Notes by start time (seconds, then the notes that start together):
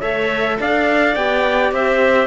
0.00 A3 A4 C#5 E5
0.60 D4 D5 F5
1.15 B3 G4 G5
1.72 C4 C5 E5